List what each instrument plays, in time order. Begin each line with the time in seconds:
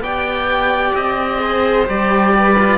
0.00 cello B3 G4, viola D5, oboe G5
0.95 cello C4, oboe D#5
1.38 cello G#4, viola C5
1.86 cello G3 G4, oboe D5
2.36 viola B4
2.59 cello F4